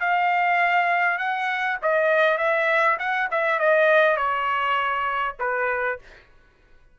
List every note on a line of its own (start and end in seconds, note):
0.00 1.18 F5
1.18 1.77 F#5
1.82 2.38 D#5
2.38 2.97 E5
2.99 3.29 F#5
3.31 3.59 E5
3.59 4.16 D#5
4.16 5.35 C#5
5.39 5.99 B4